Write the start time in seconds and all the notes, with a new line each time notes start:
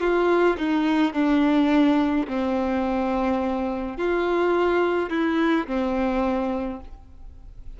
0.00 F4
0.57 D#4
1.13 D4
2.27 C4
3.97 F4
5.10 E4
5.67 C4